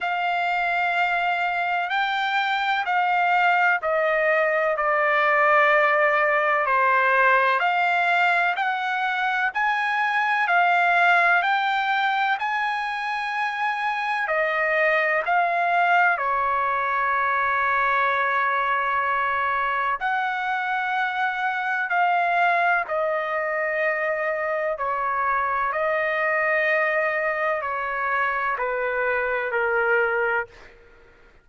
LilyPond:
\new Staff \with { instrumentName = "trumpet" } { \time 4/4 \tempo 4 = 63 f''2 g''4 f''4 | dis''4 d''2 c''4 | f''4 fis''4 gis''4 f''4 | g''4 gis''2 dis''4 |
f''4 cis''2.~ | cis''4 fis''2 f''4 | dis''2 cis''4 dis''4~ | dis''4 cis''4 b'4 ais'4 | }